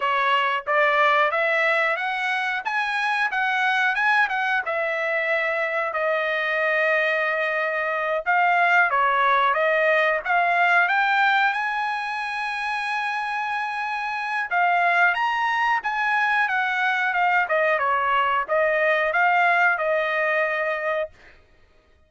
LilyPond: \new Staff \with { instrumentName = "trumpet" } { \time 4/4 \tempo 4 = 91 cis''4 d''4 e''4 fis''4 | gis''4 fis''4 gis''8 fis''8 e''4~ | e''4 dis''2.~ | dis''8 f''4 cis''4 dis''4 f''8~ |
f''8 g''4 gis''2~ gis''8~ | gis''2 f''4 ais''4 | gis''4 fis''4 f''8 dis''8 cis''4 | dis''4 f''4 dis''2 | }